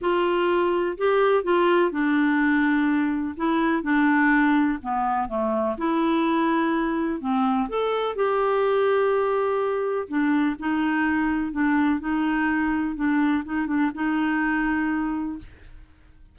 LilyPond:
\new Staff \with { instrumentName = "clarinet" } { \time 4/4 \tempo 4 = 125 f'2 g'4 f'4 | d'2. e'4 | d'2 b4 a4 | e'2. c'4 |
a'4 g'2.~ | g'4 d'4 dis'2 | d'4 dis'2 d'4 | dis'8 d'8 dis'2. | }